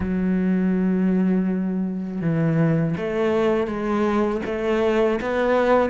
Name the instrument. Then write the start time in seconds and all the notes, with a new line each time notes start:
cello
0.00 F#3
2.21 E3
2.97 A3
3.67 G#3
4.45 A3
5.21 B3